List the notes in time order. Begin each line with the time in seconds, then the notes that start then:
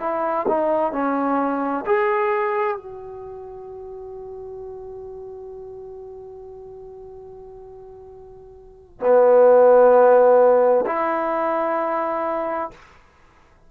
0.00 E4
0.48 D#4
0.92 C#4
1.86 G#4
2.77 F#4
9.00 B3
10.86 E4